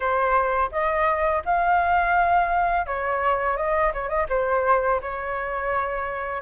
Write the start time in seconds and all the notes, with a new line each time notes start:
0.00 C5
0.71 D#5
1.45 F5
2.86 C#5
3.56 D#5
3.93 C#5
4.08 D#5
4.29 C5
5.01 C#5